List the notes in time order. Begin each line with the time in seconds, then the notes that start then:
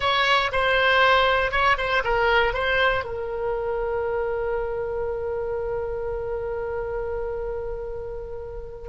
0.00 C#5
0.52 C5
1.51 C#5
1.77 C5
2.04 A#4
2.53 C5
3.04 A#4